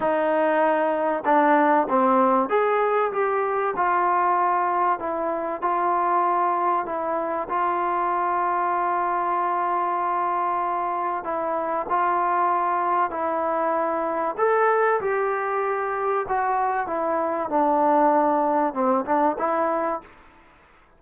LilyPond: \new Staff \with { instrumentName = "trombone" } { \time 4/4 \tempo 4 = 96 dis'2 d'4 c'4 | gis'4 g'4 f'2 | e'4 f'2 e'4 | f'1~ |
f'2 e'4 f'4~ | f'4 e'2 a'4 | g'2 fis'4 e'4 | d'2 c'8 d'8 e'4 | }